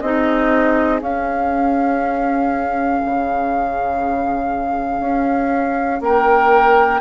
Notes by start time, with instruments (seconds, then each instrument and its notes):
0.00 bassoon C4, clarinet D#4, oboe G#4, flute D#5
0.99 clarinet C#4, bassoon C#4, flute F5
3.05 bassoon C#3
5.00 bassoon C#4
6.01 bassoon A#3, oboe A#4, flute G5